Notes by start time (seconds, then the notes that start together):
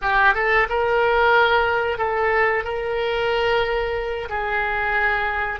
0.01 G4
0.34 A4
0.69 A#4
1.98 A4
2.64 A#4
4.29 G#4